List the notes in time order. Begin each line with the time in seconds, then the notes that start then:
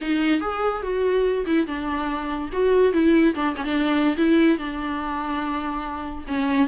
0.01 D#4
0.41 G#4
0.82 F#4
1.46 E4
1.66 D4
2.52 F#4
2.92 E4
3.34 D4
3.56 C#4
3.64 D4
4.17 E4
4.58 D4
6.27 C#4